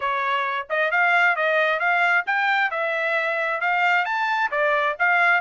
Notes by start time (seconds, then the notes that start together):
0.00 C#5
0.69 D#5
0.91 F5
1.36 D#5
1.79 F5
2.26 G5
2.70 E5
3.60 F5
4.05 A5
4.51 D5
4.99 F5